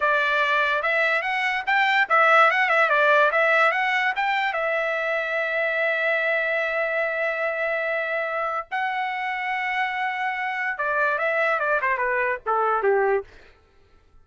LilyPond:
\new Staff \with { instrumentName = "trumpet" } { \time 4/4 \tempo 4 = 145 d''2 e''4 fis''4 | g''4 e''4 fis''8 e''8 d''4 | e''4 fis''4 g''4 e''4~ | e''1~ |
e''1~ | e''4 fis''2.~ | fis''2 d''4 e''4 | d''8 c''8 b'4 a'4 g'4 | }